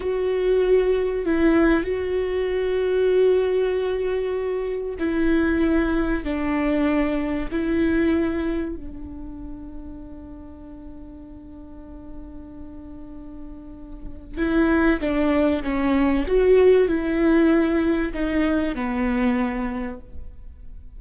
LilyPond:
\new Staff \with { instrumentName = "viola" } { \time 4/4 \tempo 4 = 96 fis'2 e'4 fis'4~ | fis'1 | e'2 d'2 | e'2 d'2~ |
d'1~ | d'2. e'4 | d'4 cis'4 fis'4 e'4~ | e'4 dis'4 b2 | }